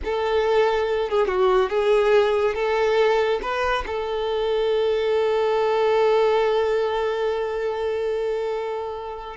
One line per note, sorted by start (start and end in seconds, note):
0.04 1.09 A4
1.09 1.27 G#4
1.27 1.69 F#4
1.69 2.54 G#4
2.54 3.39 A4
3.42 3.84 B4
3.86 9.36 A4